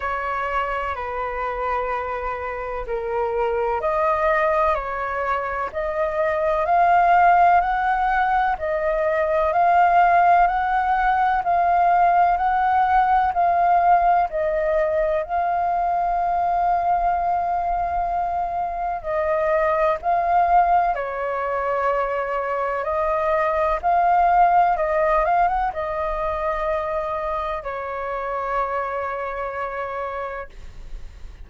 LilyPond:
\new Staff \with { instrumentName = "flute" } { \time 4/4 \tempo 4 = 63 cis''4 b'2 ais'4 | dis''4 cis''4 dis''4 f''4 | fis''4 dis''4 f''4 fis''4 | f''4 fis''4 f''4 dis''4 |
f''1 | dis''4 f''4 cis''2 | dis''4 f''4 dis''8 f''16 fis''16 dis''4~ | dis''4 cis''2. | }